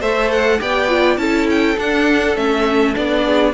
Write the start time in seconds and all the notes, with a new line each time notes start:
0.00 A3 A4 C5 E5
0.31 F#5
0.59 B3 G4 D5 G5
0.88 F4
1.18 C#4 E4 A4 A5
1.50 G5
1.77 D4 F#5
2.36 A3 C#4 E5
2.94 B3 D4 D5
3.25 G#4